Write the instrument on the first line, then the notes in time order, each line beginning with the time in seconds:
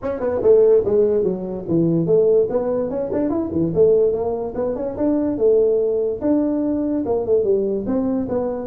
tuba
0.02 C#4
0.20 B3
0.42 A3
0.84 G#3
1.23 F#3
1.68 E3
2.06 A3
2.49 B3
2.89 C#4
3.12 D4
3.29 E4
3.52 E3
3.74 A3
4.12 A#3
4.54 B3
4.75 C#4
4.96 D4
5.37 A3
6.21 D4
7.05 A#3
7.25 A3
7.44 G3
7.86 C4
8.28 B3